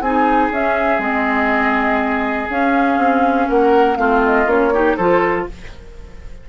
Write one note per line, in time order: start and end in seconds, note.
0.00 0.50 C4
0.00 0.52 D#4
0.00 3.48 G#4
0.00 0.50 G#5
0.50 0.98 C#4
0.50 0.99 C#4
0.50 1.00 E5
0.98 2.47 G#3
0.98 2.47 C4
0.98 2.49 D#5
2.49 2.97 C#4
2.49 3.96 C#4
2.49 3.49 F5
2.97 3.47 C4
3.48 3.97 A#3
3.48 3.98 A#4
3.48 3.96 F#5
3.96 4.46 A3
3.96 4.45 C4
3.96 4.73 F4
3.96 4.20 F5
4.25 4.49 D#5
4.46 4.95 A#3
4.46 4.71 C#4
4.46 4.96 C#5
4.73 4.98 D#4
4.73 4.96 G4
4.96 5.47 F3
4.96 5.49 F4
4.96 5.46 A4
4.96 5.46 C5